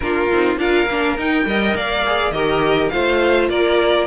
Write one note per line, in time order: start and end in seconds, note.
0.00 0.31 A#3
0.00 0.29 D4
0.00 0.59 F4
0.00 0.57 A#4
0.31 0.57 C4
0.31 0.58 D#4
0.57 0.86 D4
0.57 0.87 F4
0.57 1.46 A#4
0.57 1.17 F5
0.86 1.16 A#3
0.86 1.18 D4
1.16 1.45 D#4
1.16 1.76 G5
1.45 1.74 G3
1.45 2.03 A#4
1.45 1.76 D#5
1.75 2.30 A#3
1.75 2.33 D5
1.75 2.31 F5
2.06 2.33 G#4
2.30 2.89 D#3
2.30 2.91 G4
2.30 2.92 A#4
2.30 2.89 D#5
2.89 3.49 A3
2.89 4.06 F4
2.89 3.49 C5
2.89 3.47 F5
3.49 4.06 A#3
3.49 4.06 A#4
3.49 4.06 D5